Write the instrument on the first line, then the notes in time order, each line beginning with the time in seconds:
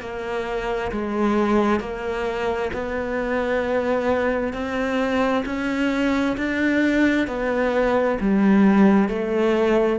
cello
0.00 A#3
0.91 G#3
1.80 A#3
2.73 B3
4.53 C4
5.45 C#4
6.37 D4
7.27 B3
8.20 G3
9.09 A3